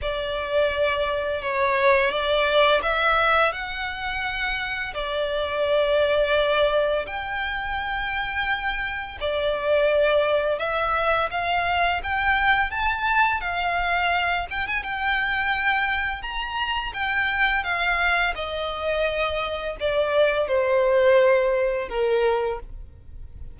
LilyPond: \new Staff \with { instrumentName = "violin" } { \time 4/4 \tempo 4 = 85 d''2 cis''4 d''4 | e''4 fis''2 d''4~ | d''2 g''2~ | g''4 d''2 e''4 |
f''4 g''4 a''4 f''4~ | f''8 g''16 gis''16 g''2 ais''4 | g''4 f''4 dis''2 | d''4 c''2 ais'4 | }